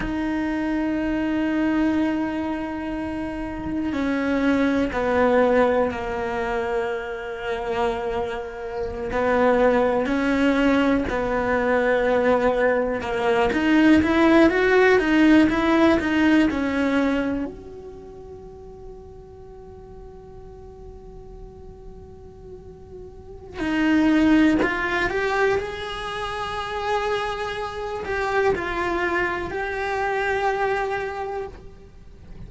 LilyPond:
\new Staff \with { instrumentName = "cello" } { \time 4/4 \tempo 4 = 61 dis'1 | cis'4 b4 ais2~ | ais4~ ais16 b4 cis'4 b8.~ | b4~ b16 ais8 dis'8 e'8 fis'8 dis'8 e'16~ |
e'16 dis'8 cis'4 fis'2~ fis'16~ | fis'1 | dis'4 f'8 g'8 gis'2~ | gis'8 g'8 f'4 g'2 | }